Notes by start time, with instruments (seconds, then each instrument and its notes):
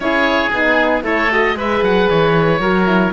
0.00 cello C#4, horn E4, oboe G#4 C#5
0.50 cello B3, horn D#4, oboe G#4
1.02 cello A3, horn E4, oboe A4 C#5
1.31 horn F#4, oboe D#5
1.55 cello G#3, horn G#4, oboe B4 E5
1.81 cello F#3, oboe F#5
2.09 cello E3, oboe C#5
2.59 cello F#3, horn F#4, oboe A#4
2.86 horn E4